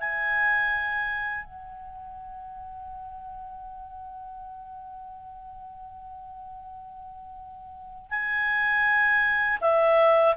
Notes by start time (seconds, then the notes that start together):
0.00 G#5
1.44 F#5
8.10 G#5
9.61 E5